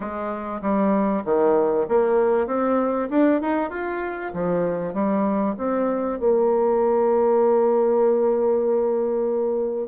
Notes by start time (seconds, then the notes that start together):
0.00 G#3
0.61 G3
1.25 D#3
1.88 A#3
2.46 C4
3.10 D4
3.41 D#4
3.70 F4
4.33 F3
4.93 G3
5.57 C4
6.19 A#3